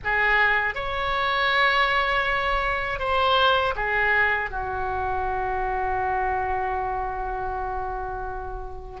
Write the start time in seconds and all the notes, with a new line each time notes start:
0.03 G#4
0.74 C#5
2.99 C5
3.75 G#4
4.50 F#4